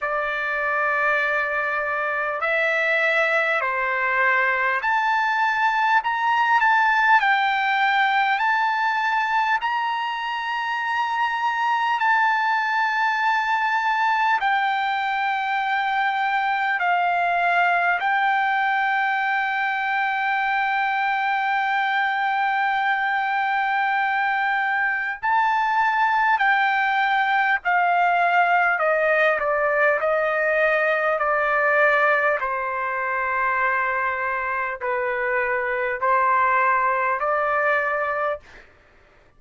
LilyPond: \new Staff \with { instrumentName = "trumpet" } { \time 4/4 \tempo 4 = 50 d''2 e''4 c''4 | a''4 ais''8 a''8 g''4 a''4 | ais''2 a''2 | g''2 f''4 g''4~ |
g''1~ | g''4 a''4 g''4 f''4 | dis''8 d''8 dis''4 d''4 c''4~ | c''4 b'4 c''4 d''4 | }